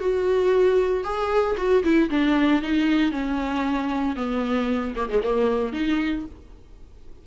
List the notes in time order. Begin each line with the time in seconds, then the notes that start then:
0.00 F#4
1.04 G#4
1.57 F#4
1.84 E4
2.10 D4
2.62 D#4
3.12 C#4
4.16 B3
4.96 A#3
5.09 G#3
5.23 A#3
5.73 D#4